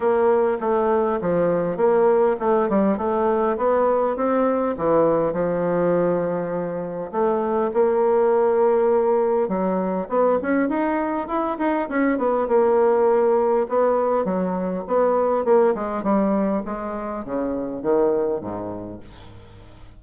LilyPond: \new Staff \with { instrumentName = "bassoon" } { \time 4/4 \tempo 4 = 101 ais4 a4 f4 ais4 | a8 g8 a4 b4 c'4 | e4 f2. | a4 ais2. |
fis4 b8 cis'8 dis'4 e'8 dis'8 | cis'8 b8 ais2 b4 | fis4 b4 ais8 gis8 g4 | gis4 cis4 dis4 gis,4 | }